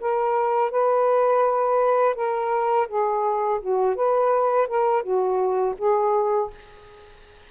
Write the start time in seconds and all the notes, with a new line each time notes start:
0.00 A#4
0.70 B4
2.15 A#4
2.88 G#4
3.60 F#4
3.95 B4
4.67 A#4
5.02 F#4
5.78 G#4